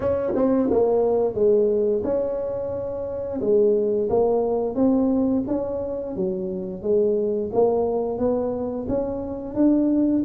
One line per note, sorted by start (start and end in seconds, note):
0.00 0.33 C#4
0.35 0.69 C4
0.70 1.34 A#3
1.34 2.02 G#3
2.04 3.40 C#4
3.40 4.08 G#3
4.09 4.75 A#3
4.75 5.43 C4
5.47 6.15 C#4
6.15 6.82 F#3
6.82 7.50 G#3
7.52 8.18 A#3
8.18 8.86 B3
8.88 9.54 C#4
9.54 10.22 D4